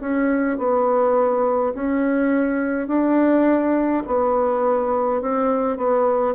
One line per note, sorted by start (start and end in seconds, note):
0.00 0.58 C#4
0.58 1.74 B3
1.74 2.87 C#4
2.87 4.03 D4
4.07 5.21 B3
5.21 5.77 C4
5.77 6.35 B3